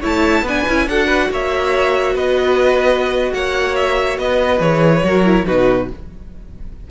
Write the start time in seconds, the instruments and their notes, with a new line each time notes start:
0.00 cello A3, viola E4, violin C#5 A5
0.42 cello B3, viola D4, violin B4 G#5
0.68 cello C#4, viola E4
0.87 cello D4, viola F#4, violin A4 F#5
1.07 violin B4
1.31 cello A#3, violin C#5 E5
2.14 cello B3, violin B4 D#5
3.33 cello A#3, violin C#5 F#5
3.75 violin E5
4.18 cello B3, violin B4 D#5
4.59 cello E3, viola G#4, violin C#5
5.04 cello F#3, viola F#4, violin A#4
5.25 viola E4
5.46 cello B2, viola D#4, violin F#4 B4